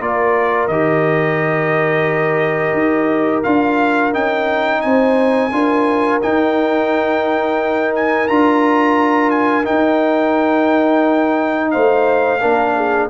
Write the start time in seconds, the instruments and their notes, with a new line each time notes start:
0.00 tuba A#3, trombone F4, horn A#4, trumpet D5
0.68 tuba D#3, trombone G4, trumpet D#5
2.73 tuba D#4
3.44 tuba D4, trombone F4, trumpet F5
4.13 tuba C#4, trombone D#4, trumpet G5
4.82 tuba C4, horn C5, trumpet G#5
5.52 tuba D4, trombone F4, horn A#4
6.22 trombone D#4, tuba D#4, trumpet G5
7.96 trumpet G#5
8.28 tuba D4, trombone F4, trumpet A#5
9.31 trumpet G#5
9.64 trombone D#4, tuba D#4, trumpet G5
11.71 tuba A3, horn C5, trumpet F5
12.41 tuba A#3, trombone D4, horn A#4
12.76 horn G#4